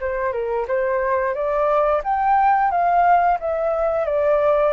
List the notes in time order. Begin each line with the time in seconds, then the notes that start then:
0.00 C5
0.32 A#4
0.67 C5
1.35 D5
2.04 G5
2.71 F5
3.40 E5
4.05 D5